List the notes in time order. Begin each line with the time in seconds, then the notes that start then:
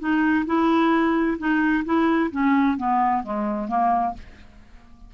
0.00 D#4
0.46 E4
1.39 D#4
1.85 E4
2.32 C#4
2.78 B3
3.24 G#3
3.68 A#3